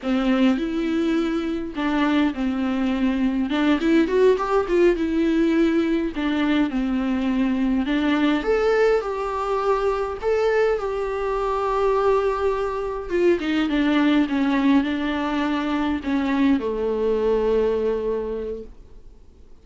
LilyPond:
\new Staff \with { instrumentName = "viola" } { \time 4/4 \tempo 4 = 103 c'4 e'2 d'4 | c'2 d'8 e'8 fis'8 g'8 | f'8 e'2 d'4 c'8~ | c'4. d'4 a'4 g'8~ |
g'4. a'4 g'4.~ | g'2~ g'8 f'8 dis'8 d'8~ | d'8 cis'4 d'2 cis'8~ | cis'8 a2.~ a8 | }